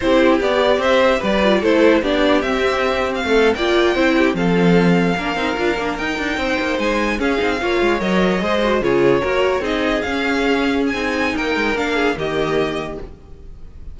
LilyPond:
<<
  \new Staff \with { instrumentName = "violin" } { \time 4/4 \tempo 4 = 148 c''4 d''4 e''4 d''4 | c''4 d''4 e''4.~ e''16 f''16~ | f''8. g''2 f''4~ f''16~ | f''2~ f''8. g''4~ g''16~ |
g''8. gis''4 f''2 dis''16~ | dis''4.~ dis''16 cis''2 dis''16~ | dis''8. f''2 gis''4~ gis''16 | g''4 f''4 dis''2 | }
  \new Staff \with { instrumentName = "violin" } { \time 4/4 g'2 c''4 b'4 | a'4 g'2. | a'8. d''4 c''8 g'8 a'4~ a'16~ | a'8. ais'2. c''16~ |
c''4.~ c''16 gis'4 cis''4~ cis''16~ | cis''8. c''4 gis'4 ais'4 gis'16~ | gis'1 | ais'4. gis'8 g'2 | }
  \new Staff \with { instrumentName = "viola" } { \time 4/4 e'4 g'2~ g'8 f'8 | e'4 d'4 c'2~ | c'8. f'4 e'4 c'4~ c'16~ | c'8. d'8 dis'8 f'8 d'8 dis'4~ dis'16~ |
dis'4.~ dis'16 cis'8 dis'8 f'4 ais'16~ | ais'8. gis'8 fis'8 f'4 fis'4 dis'16~ | dis'8. cis'2~ cis'16 dis'4~ | dis'4 d'4 ais2 | }
  \new Staff \with { instrumentName = "cello" } { \time 4/4 c'4 b4 c'4 g4 | a4 b4 c'2 | a8. ais4 c'4 f4~ f16~ | f8. ais8 c'8 d'8 ais8 dis'8 d'8 c'16~ |
c'16 ais8 gis4 cis'8 c'8 ais8 gis8 fis16~ | fis8. gis4 cis4 ais4 c'16~ | c'8. cis'2~ cis'16 c'4 | ais8 gis8 ais4 dis2 | }
>>